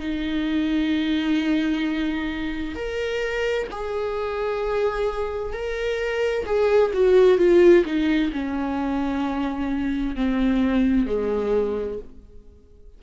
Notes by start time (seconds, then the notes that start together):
0.00 D#4
2.75 A#4
3.71 G#4
5.53 A#4
6.46 G#4
6.94 F#4
7.38 F4
7.85 D#4
8.32 C#4
10.16 C4
11.06 G#3